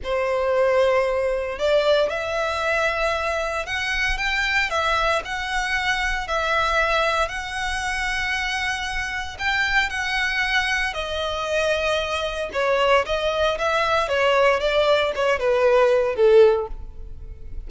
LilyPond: \new Staff \with { instrumentName = "violin" } { \time 4/4 \tempo 4 = 115 c''2. d''4 | e''2. fis''4 | g''4 e''4 fis''2 | e''2 fis''2~ |
fis''2 g''4 fis''4~ | fis''4 dis''2. | cis''4 dis''4 e''4 cis''4 | d''4 cis''8 b'4. a'4 | }